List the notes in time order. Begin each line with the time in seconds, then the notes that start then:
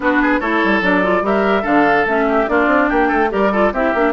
0.00 B3 D4 F#4 B4
0.21 G#4
0.40 A3 E4 A4 C#5
0.64 G3
0.81 F#3 D4 D5
1.03 F4
1.22 G3 G4 A#4 E5
1.62 D3 D4 A4 F5
2.05 A3 C#4 E5
2.28 G4
2.47 A#3 D4 F4 D5
2.67 C4
2.89 A#3 G4 G5
3.07 A3 A4
3.29 G3 G4 A#4 D5
3.52 F4 A4
3.72 C4 E4 G4 E5
3.94 A#3 D4